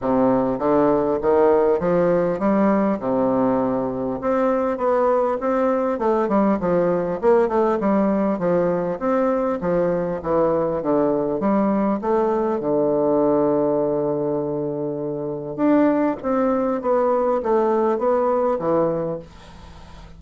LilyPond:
\new Staff \with { instrumentName = "bassoon" } { \time 4/4 \tempo 4 = 100 c4 d4 dis4 f4 | g4 c2 c'4 | b4 c'4 a8 g8 f4 | ais8 a8 g4 f4 c'4 |
f4 e4 d4 g4 | a4 d2.~ | d2 d'4 c'4 | b4 a4 b4 e4 | }